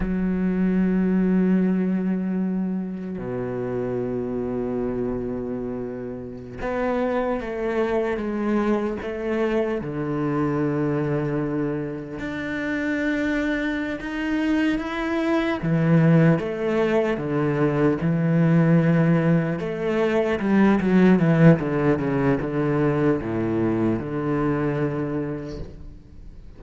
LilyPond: \new Staff \with { instrumentName = "cello" } { \time 4/4 \tempo 4 = 75 fis1 | b,1~ | b,16 b4 a4 gis4 a8.~ | a16 d2. d'8.~ |
d'4. dis'4 e'4 e8~ | e8 a4 d4 e4.~ | e8 a4 g8 fis8 e8 d8 cis8 | d4 a,4 d2 | }